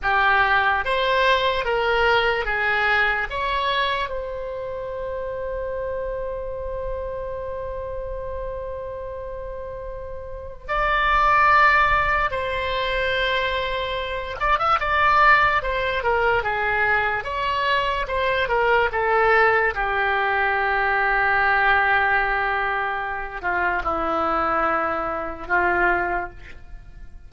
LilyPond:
\new Staff \with { instrumentName = "oboe" } { \time 4/4 \tempo 4 = 73 g'4 c''4 ais'4 gis'4 | cis''4 c''2.~ | c''1~ | c''4 d''2 c''4~ |
c''4. d''16 e''16 d''4 c''8 ais'8 | gis'4 cis''4 c''8 ais'8 a'4 | g'1~ | g'8 f'8 e'2 f'4 | }